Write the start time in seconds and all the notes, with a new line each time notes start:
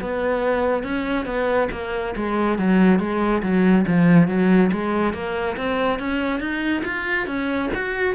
0.00 B3
0.83 C#4
1.25 B3
1.71 A#3
2.16 G#3
2.58 F#3
2.99 G#3
3.42 F#3
3.87 F3
4.28 F#3
4.72 G#3
5.14 A#3
5.57 C4
5.99 C#4
6.40 D#4
6.85 F4
7.26 C#4
7.74 F#4